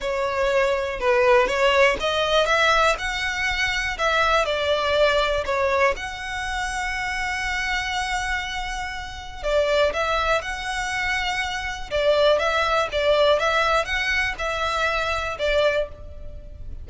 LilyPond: \new Staff \with { instrumentName = "violin" } { \time 4/4 \tempo 4 = 121 cis''2 b'4 cis''4 | dis''4 e''4 fis''2 | e''4 d''2 cis''4 | fis''1~ |
fis''2. d''4 | e''4 fis''2. | d''4 e''4 d''4 e''4 | fis''4 e''2 d''4 | }